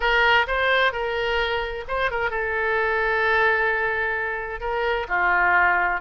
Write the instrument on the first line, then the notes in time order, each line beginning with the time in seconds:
oboe
0.00 A#4
0.47 C5
0.92 A#4
1.88 C5
2.10 A#4
2.30 A4
4.60 A#4
5.08 F4